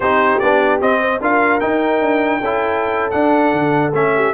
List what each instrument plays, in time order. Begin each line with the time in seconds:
0.00 tuba C4, trombone D#4, horn G4, trumpet C5
0.39 tuba B3, trombone D4, trumpet D5
0.80 trombone C4, tuba C4, trumpet D#5
1.00 horn C5
1.20 tuba D4, trombone F4, horn A#4, trumpet F5
1.60 trombone D#4, tuba D#4, trumpet G5
2.01 tuba D4
2.40 tuba C#4, trombone E4, horn A4
3.10 trombone D4, tuba D4, trumpet F#5
3.52 tuba D3
3.92 tuba A3, trombone C#4, trumpet E5
4.15 horn G4